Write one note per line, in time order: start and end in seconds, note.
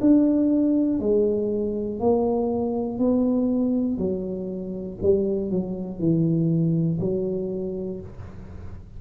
0.00 0.99 D4
0.99 1.99 G#3
1.99 2.99 A#3
2.99 3.97 B3
3.97 4.97 F#3
5.02 5.50 G3
5.50 5.99 F#3
5.99 6.99 E3
7.00 8.00 F#3